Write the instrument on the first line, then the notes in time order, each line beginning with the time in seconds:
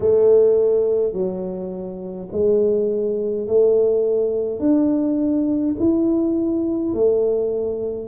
tuba
0.00 A3
1.13 F#3
2.31 G#3
3.47 A3
4.59 D4
5.79 E4
6.93 A3